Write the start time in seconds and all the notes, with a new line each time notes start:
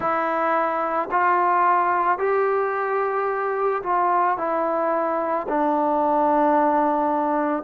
0.00 E4
1.11 F4
2.18 G4
3.82 F4
4.37 E4
5.48 D4